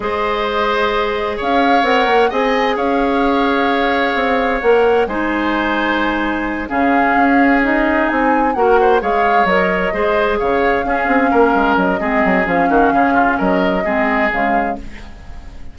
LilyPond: <<
  \new Staff \with { instrumentName = "flute" } { \time 4/4 \tempo 4 = 130 dis''2. f''4 | fis''4 gis''4 f''2~ | f''2 fis''4 gis''4~ | gis''2~ gis''8 f''4.~ |
f''8 dis''4 gis''4 fis''4 f''8~ | f''8 dis''2 f''4.~ | f''4. dis''4. f''4~ | f''4 dis''2 f''4 | }
  \new Staff \with { instrumentName = "oboe" } { \time 4/4 c''2. cis''4~ | cis''4 dis''4 cis''2~ | cis''2. c''4~ | c''2~ c''8 gis'4.~ |
gis'2~ gis'8 ais'8 c''8 cis''8~ | cis''4. c''4 cis''4 gis'8~ | gis'8 ais'4. gis'4. fis'8 | gis'8 f'8 ais'4 gis'2 | }
  \new Staff \with { instrumentName = "clarinet" } { \time 4/4 gis'1 | ais'4 gis'2.~ | gis'2 ais'4 dis'4~ | dis'2~ dis'8 cis'4.~ |
cis'8 dis'2 fis'4 gis'8~ | gis'8 ais'4 gis'2 cis'8~ | cis'2 c'4 cis'4~ | cis'2 c'4 gis4 | }
  \new Staff \with { instrumentName = "bassoon" } { \time 4/4 gis2. cis'4 | c'8 ais8 c'4 cis'2~ | cis'4 c'4 ais4 gis4~ | gis2~ gis8 cis4 cis'8~ |
cis'4. c'4 ais4 gis8~ | gis8 fis4 gis4 cis4 cis'8 | c'8 ais8 gis8 fis8 gis8 fis8 f8 dis8 | cis4 fis4 gis4 cis4 | }
>>